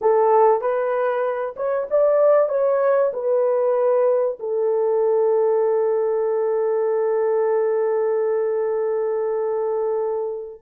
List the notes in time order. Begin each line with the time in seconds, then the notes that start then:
0.01 A4
0.61 B4
1.56 C#5
1.90 D5
2.49 C#5
3.13 B4
4.39 A4